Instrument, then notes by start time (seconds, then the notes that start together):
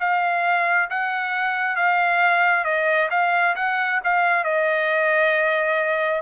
trumpet
0.00 F5
0.90 F#5
1.77 F5
2.65 D#5
3.11 F5
3.56 F#5
4.04 F5
4.44 D#5